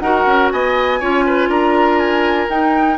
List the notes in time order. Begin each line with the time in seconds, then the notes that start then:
0.00 D#4 F#4 A#4 F#5
0.26 C#4
0.51 B3 D#5 G#5
1.00 C#4 F4 C#5
1.27 B4
1.48 D4 A#4 A#5
1.99 G#5
2.49 D#4 G5